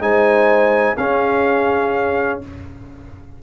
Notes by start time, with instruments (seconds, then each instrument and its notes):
0.00 tuba G#3, trombone D#4, horn C5, trumpet G#5
0.97 tuba C#4, trombone C#4, horn G#4, trumpet F5